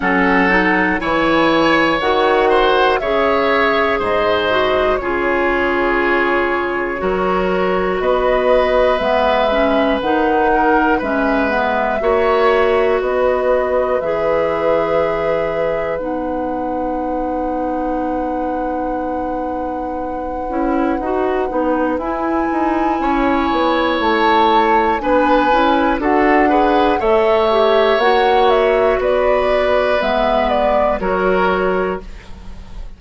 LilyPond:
<<
  \new Staff \with { instrumentName = "flute" } { \time 4/4 \tempo 4 = 60 fis''4 gis''4 fis''4 e''4 | dis''4 cis''2. | dis''4 e''4 fis''4 e''4~ | e''4 dis''4 e''2 |
fis''1~ | fis''2 gis''2 | a''4 gis''4 fis''4 e''4 | fis''8 e''8 d''4 e''8 d''8 cis''4 | }
  \new Staff \with { instrumentName = "oboe" } { \time 4/4 a'4 cis''4. c''8 cis''4 | c''4 gis'2 ais'4 | b'2~ b'8 ais'8 b'4 | cis''4 b'2.~ |
b'1~ | b'2. cis''4~ | cis''4 b'4 a'8 b'8 cis''4~ | cis''4 b'2 ais'4 | }
  \new Staff \with { instrumentName = "clarinet" } { \time 4/4 cis'8 dis'8 e'4 fis'4 gis'4~ | gis'8 fis'8 f'2 fis'4~ | fis'4 b8 cis'8 dis'4 cis'8 b8 | fis'2 gis'2 |
dis'1~ | dis'8 e'8 fis'8 dis'8 e'2~ | e'4 d'8 e'8 fis'8 gis'8 a'8 g'8 | fis'2 b4 fis'4 | }
  \new Staff \with { instrumentName = "bassoon" } { \time 4/4 fis4 e4 dis4 cis4 | gis,4 cis2 fis4 | b4 gis4 dis4 gis4 | ais4 b4 e2 |
b1~ | b8 cis'8 dis'8 b8 e'8 dis'8 cis'8 b8 | a4 b8 cis'8 d'4 a4 | ais4 b4 gis4 fis4 | }
>>